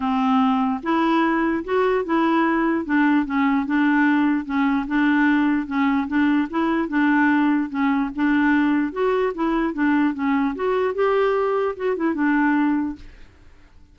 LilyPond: \new Staff \with { instrumentName = "clarinet" } { \time 4/4 \tempo 4 = 148 c'2 e'2 | fis'4 e'2 d'4 | cis'4 d'2 cis'4 | d'2 cis'4 d'4 |
e'4 d'2 cis'4 | d'2 fis'4 e'4 | d'4 cis'4 fis'4 g'4~ | g'4 fis'8 e'8 d'2 | }